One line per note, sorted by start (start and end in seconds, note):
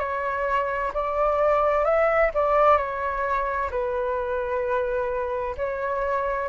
0.00 0.92 C#5
0.94 1.85 D5
1.85 2.31 E5
2.35 2.78 D5
2.78 3.70 C#5
3.71 5.56 B4
5.58 6.49 C#5